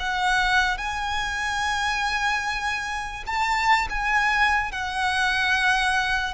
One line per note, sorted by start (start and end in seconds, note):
0.00 0.78 F#5
0.78 3.25 G#5
3.27 3.89 A5
3.90 4.72 G#5
4.72 6.35 F#5